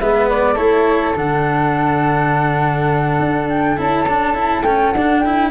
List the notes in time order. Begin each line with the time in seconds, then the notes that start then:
0.00 G#3 B3 B4 E5
0.29 D5
0.54 A3 E4 A4 C#5
1.16 D3 D4 F#5
3.20 D4
3.49 G5
3.77 C#4 E4 A5
4.09 D4
4.35 E4
4.62 A3 C#4 G5
4.92 D4 F#5
5.20 E4 G5